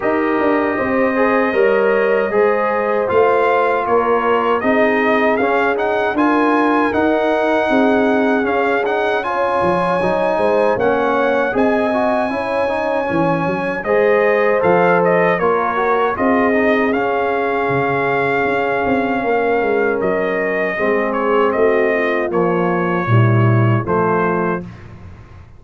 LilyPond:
<<
  \new Staff \with { instrumentName = "trumpet" } { \time 4/4 \tempo 4 = 78 dis''1 | f''4 cis''4 dis''4 f''8 fis''8 | gis''4 fis''2 f''8 fis''8 | gis''2 fis''4 gis''4~ |
gis''2 dis''4 f''8 dis''8 | cis''4 dis''4 f''2~ | f''2 dis''4. cis''8 | dis''4 cis''2 c''4 | }
  \new Staff \with { instrumentName = "horn" } { \time 4/4 ais'4 c''4 cis''4 c''4~ | c''4 ais'4 gis'2 | ais'2 gis'2 | cis''4. c''8 cis''4 dis''4 |
cis''2 c''2 | ais'4 gis'2.~ | gis'4 ais'2 gis'4 | fis'8 f'4. e'4 f'4 | }
  \new Staff \with { instrumentName = "trombone" } { \time 4/4 g'4. gis'8 ais'4 gis'4 | f'2 dis'4 cis'8 dis'8 | f'4 dis'2 cis'8 dis'8 | f'4 dis'4 cis'4 gis'8 fis'8 |
e'8 dis'8 cis'4 gis'4 a'4 | f'8 fis'8 f'8 dis'8 cis'2~ | cis'2. c'4~ | c'4 f4 g4 a4 | }
  \new Staff \with { instrumentName = "tuba" } { \time 4/4 dis'8 d'8 c'4 g4 gis4 | a4 ais4 c'4 cis'4 | d'4 dis'4 c'4 cis'4~ | cis'8 f8 fis8 gis8 ais4 c'4 |
cis'4 e8 fis8 gis4 f4 | ais4 c'4 cis'4 cis4 | cis'8 c'8 ais8 gis8 fis4 gis4 | a4 ais4 ais,4 f4 | }
>>